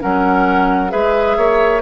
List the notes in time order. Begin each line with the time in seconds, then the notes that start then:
0.00 F#3 C#4 A#4 F#5
0.90 G#3 G#4 B4 E5
1.37 A#3 C#5